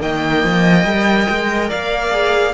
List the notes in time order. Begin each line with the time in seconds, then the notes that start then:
0.00 D#3 A#3 D#5 G5
0.43 F3
0.85 G3 A#4
1.29 G#3
1.69 A#3 D5 F5
2.11 G#4